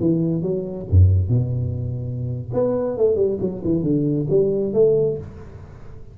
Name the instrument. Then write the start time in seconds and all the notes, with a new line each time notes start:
tuba
0.00 E3
0.42 F#3
0.90 F#2
1.29 B2
2.53 B3
2.97 A3
3.16 G3
3.40 F#3
3.64 E3
3.83 D3
4.30 G3
4.73 A3